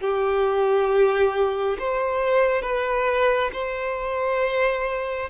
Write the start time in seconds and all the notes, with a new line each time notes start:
0.00 G4
1.78 C5
2.62 B4
3.53 C5